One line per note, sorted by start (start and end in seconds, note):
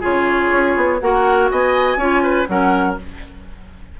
0.00 0.51 C#3
0.00 1.00 F4
0.00 0.98 G#4
0.00 1.00 C#5
0.51 0.75 C#4
0.77 1.01 B3
1.00 1.51 A#3
1.00 1.99 F#4
1.00 1.51 A#4
1.00 1.49 F#5
1.51 1.96 B3
1.51 1.98 D#5
1.51 2.47 G#5
1.96 2.46 C#4
1.96 2.47 F4
1.96 2.22 C#5
2.23 2.47 B4
2.47 2.98 F#3
2.47 2.96 C#4
2.47 3.00 A#4
2.47 2.96 F#5